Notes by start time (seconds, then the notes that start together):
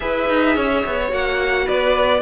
0.00 E4 G#4 B4 E5
0.29 D#4
0.55 C#4 C#5
0.85 B3
1.08 A#3 F#4 F#5
1.64 B3 B4 D5